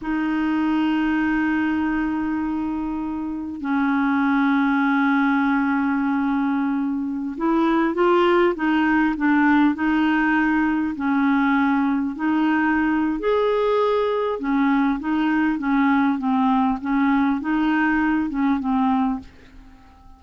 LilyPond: \new Staff \with { instrumentName = "clarinet" } { \time 4/4 \tempo 4 = 100 dis'1~ | dis'2 cis'2~ | cis'1~ | cis'16 e'4 f'4 dis'4 d'8.~ |
d'16 dis'2 cis'4.~ cis'16~ | cis'16 dis'4.~ dis'16 gis'2 | cis'4 dis'4 cis'4 c'4 | cis'4 dis'4. cis'8 c'4 | }